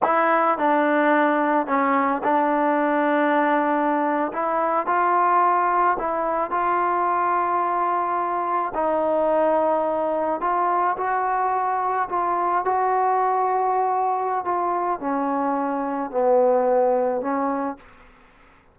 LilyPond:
\new Staff \with { instrumentName = "trombone" } { \time 4/4 \tempo 4 = 108 e'4 d'2 cis'4 | d'2.~ d'8. e'16~ | e'8. f'2 e'4 f'16~ | f'2.~ f'8. dis'16~ |
dis'2~ dis'8. f'4 fis'16~ | fis'4.~ fis'16 f'4 fis'4~ fis'16~ | fis'2 f'4 cis'4~ | cis'4 b2 cis'4 | }